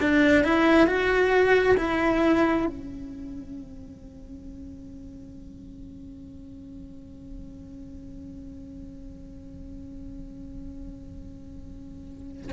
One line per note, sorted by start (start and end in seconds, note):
0.00 0.44 D4
0.44 0.86 E4
0.86 1.76 F#4
1.77 2.66 E4
2.66 12.51 C#4